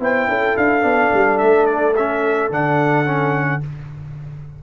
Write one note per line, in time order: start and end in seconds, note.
0.00 0.27 B3
0.00 0.81 E4
0.00 0.29 C5
0.00 0.57 G5
0.27 0.55 C#4
0.27 3.62 A4
0.57 0.83 D4
0.57 1.38 F5
0.81 1.11 B3
0.81 1.93 D4
1.14 1.42 G3
1.38 2.51 A3
1.38 1.66 E5
1.66 1.94 D5
1.96 2.52 C#4
1.96 2.52 E5
2.51 3.62 D3
2.51 3.05 D4
2.51 3.64 F#5
3.05 3.61 C#4